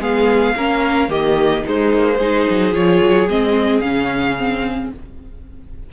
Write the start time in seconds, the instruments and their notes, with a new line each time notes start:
0.00 cello G#3, viola B3, violin G#4 F5
0.56 cello A#3, viola C#4, violin A#4
1.09 cello D#3, viola A#3, violin G4 D#5
1.65 viola G#3, cello G#3, violin D#4 C5
1.94 cello A#3
2.18 cello G#3, viola D#4, violin G#4
2.50 cello F#3
2.73 cello F3, viola F4, violin C#5
3.02 cello F#3
3.29 cello G#3, viola C4, violin D#5
3.81 cello C#3, viola C#4, violin F5
4.38 viola C4